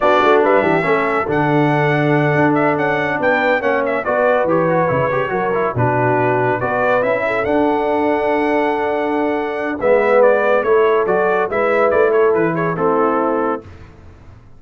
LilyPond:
<<
  \new Staff \with { instrumentName = "trumpet" } { \time 4/4 \tempo 4 = 141 d''4 e''2 fis''4~ | fis''2 e''8 fis''4 g''8~ | g''8 fis''8 e''8 d''4 cis''4.~ | cis''4. b'2 d''8~ |
d''8 e''4 fis''2~ fis''8~ | fis''2. e''4 | d''4 cis''4 d''4 e''4 | d''8 cis''8 b'8 cis''8 a'2 | }
  \new Staff \with { instrumentName = "horn" } { \time 4/4 fis'4 b'8 g'8 a'2~ | a'2.~ a'8 b'8~ | b'8 cis''4 b'2~ b'8~ | b'8 ais'4 fis'2 b'8~ |
b'4 a'2.~ | a'2. b'4~ | b'4 a'2 b'4~ | b'8 a'4 gis'8 e'2 | }
  \new Staff \with { instrumentName = "trombone" } { \time 4/4 d'2 cis'4 d'4~ | d'1~ | d'8 cis'4 fis'4 g'8 fis'8 e'8 | g'8 fis'8 e'8 d'2 fis'8~ |
fis'8 e'4 d'2~ d'8~ | d'2. b4~ | b4 e'4 fis'4 e'4~ | e'2 c'2 | }
  \new Staff \with { instrumentName = "tuba" } { \time 4/4 b8 a8 g8 e8 a4 d4~ | d4. d'4 cis'4 b8~ | b8 ais4 b4 e4 cis8~ | cis8 fis4 b,2 b8~ |
b8 cis'4 d'2~ d'8~ | d'2. gis4~ | gis4 a4 fis4 gis4 | a4 e4 a2 | }
>>